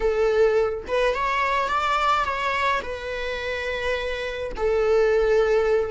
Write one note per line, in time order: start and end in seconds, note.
0.00 0.84 A4
0.87 1.14 B4
1.14 1.68 C#5
1.68 2.24 D5
2.24 2.81 C#5
2.82 4.52 B4
4.56 5.90 A4